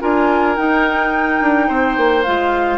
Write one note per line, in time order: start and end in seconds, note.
0.00 0.57 D4
0.00 0.56 F4
0.00 1.67 A#4
0.00 0.56 G#5
0.56 2.24 D#4
0.56 1.41 D#4
0.56 2.23 G5
1.41 1.69 D4
1.67 1.97 C4
1.67 2.78 C5
1.97 2.25 A#3
2.23 2.78 G#3
2.23 2.78 F4
2.23 2.78 F5